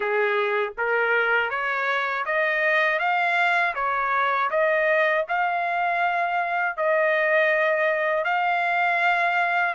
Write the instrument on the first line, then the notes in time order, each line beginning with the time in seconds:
trumpet
0.00 G#4
0.77 A#4
1.50 C#5
2.25 D#5
2.99 F5
3.75 C#5
4.50 D#5
5.28 F5
6.76 D#5
8.24 F5